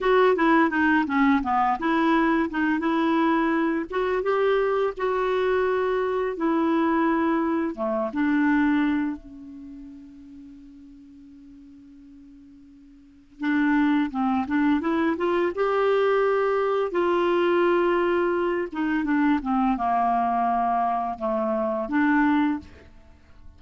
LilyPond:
\new Staff \with { instrumentName = "clarinet" } { \time 4/4 \tempo 4 = 85 fis'8 e'8 dis'8 cis'8 b8 e'4 dis'8 | e'4. fis'8 g'4 fis'4~ | fis'4 e'2 a8 d'8~ | d'4 cis'2.~ |
cis'2. d'4 | c'8 d'8 e'8 f'8 g'2 | f'2~ f'8 dis'8 d'8 c'8 | ais2 a4 d'4 | }